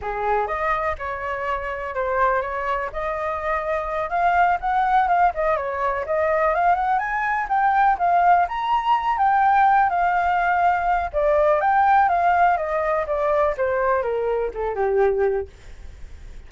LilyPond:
\new Staff \with { instrumentName = "flute" } { \time 4/4 \tempo 4 = 124 gis'4 dis''4 cis''2 | c''4 cis''4 dis''2~ | dis''8 f''4 fis''4 f''8 dis''8 cis''8~ | cis''8 dis''4 f''8 fis''8 gis''4 g''8~ |
g''8 f''4 ais''4. g''4~ | g''8 f''2~ f''8 d''4 | g''4 f''4 dis''4 d''4 | c''4 ais'4 a'8 g'4. | }